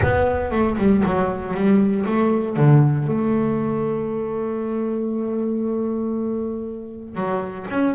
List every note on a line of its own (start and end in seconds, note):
0.02 0.51 B3
0.51 0.76 A3
0.78 1.03 G3
1.05 1.54 F#3
1.54 2.05 G3
2.05 2.56 A3
2.56 3.07 D3
3.07 7.15 A3
7.15 7.66 F#3
7.70 7.95 C#4